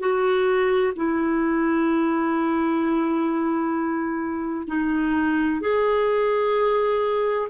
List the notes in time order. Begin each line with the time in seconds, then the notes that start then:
0.00 F#4
0.96 E4
4.68 D#4
5.61 G#4